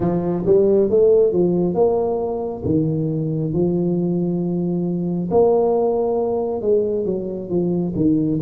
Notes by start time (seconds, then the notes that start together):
0.00 F3
0.46 G3
0.89 A3
1.32 F3
1.74 A#3
2.65 D#3
3.53 F3
5.30 A#3
6.61 G#3
7.05 F#3
7.49 F3
7.95 D#3